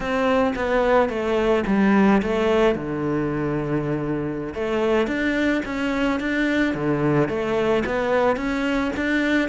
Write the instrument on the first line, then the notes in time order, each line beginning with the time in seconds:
cello
0.00 C4
0.55 B3
1.09 A3
1.67 G3
2.22 A3
2.75 D3
4.54 A3
5.07 D4
5.65 C#4
6.20 D4
6.74 D3
7.28 A3
7.85 B3
8.36 C#4
8.96 D4